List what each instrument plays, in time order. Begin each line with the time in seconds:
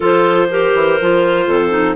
0.00 bassoon F3, clarinet F4 A4 C5
0.49 clarinet G4 A#4
0.74 bassoon E3
1.01 bassoon F3, clarinet F4
1.47 bassoon F2, clarinet A4
1.69 clarinet D#4